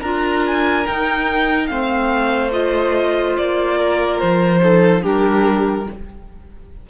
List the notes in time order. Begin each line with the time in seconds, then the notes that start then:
0.00 D4 F4 A#4 A#5
0.47 G#5
0.85 D#4 G5
1.67 A3 C4 C5 F5
2.51 F4 D#5
3.37 A#3 D5
3.77 A#4
4.19 F3 C5
4.58 D#4 A4
5.01 G3 D4 G4 A#4